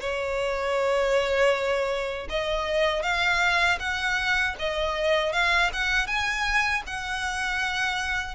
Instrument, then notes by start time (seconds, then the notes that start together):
violin
0.00 C#5
2.29 D#5
3.03 F5
3.79 F#5
4.59 D#5
5.33 F5
5.73 F#5
6.07 G#5
6.87 F#5